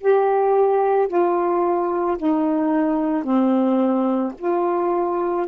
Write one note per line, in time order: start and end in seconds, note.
0.00 1.08 G4
1.08 2.17 F4
2.17 3.23 D#4
3.23 4.32 C4
4.38 5.47 F4